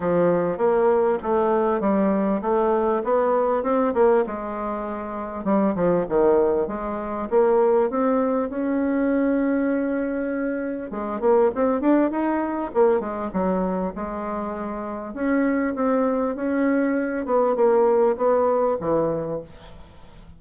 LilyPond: \new Staff \with { instrumentName = "bassoon" } { \time 4/4 \tempo 4 = 99 f4 ais4 a4 g4 | a4 b4 c'8 ais8 gis4~ | gis4 g8 f8 dis4 gis4 | ais4 c'4 cis'2~ |
cis'2 gis8 ais8 c'8 d'8 | dis'4 ais8 gis8 fis4 gis4~ | gis4 cis'4 c'4 cis'4~ | cis'8 b8 ais4 b4 e4 | }